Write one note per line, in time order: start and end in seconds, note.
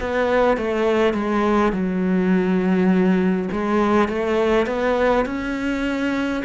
0.00 0.57 B3
0.57 1.13 A3
1.13 1.72 G#3
1.72 3.49 F#3
3.51 4.08 G#3
4.08 4.66 A3
4.66 5.25 B3
5.25 6.43 C#4